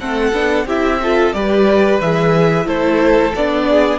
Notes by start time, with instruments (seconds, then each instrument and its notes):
0.00 cello A3, viola C4, violin A4 F#5
0.33 cello B3, viola D4
0.66 cello C4, viola E4, violin G4 E5
1.02 viola F4, violin A4
1.33 cello G3, viola G4, violin B4 D5
2.01 cello E3, viola G#4, violin E5
2.66 cello A3, viola E4, violin A4 C5
3.36 cello B3, viola D4, violin D5
3.69 violin G#4